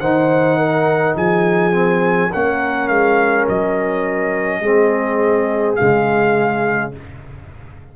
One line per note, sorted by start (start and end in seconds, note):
0.00 1.16 D#3
0.00 1.72 D#4
0.00 0.58 C5
0.00 1.15 F#5
0.58 1.16 A#4
1.16 2.31 F3
1.16 2.31 G#4
1.16 2.33 G#5
1.72 2.30 C4
2.31 2.89 A#3
2.31 4.63 C#4
2.31 4.62 A#4
2.31 2.88 F#5
2.88 3.47 G#3
2.88 3.46 F5
3.49 4.60 F#3
3.49 5.76 D#5
4.60 5.76 G#3
4.60 5.78 C4
4.60 6.92 G#4
5.76 6.96 C#3
5.76 6.93 G#3
5.76 6.91 F5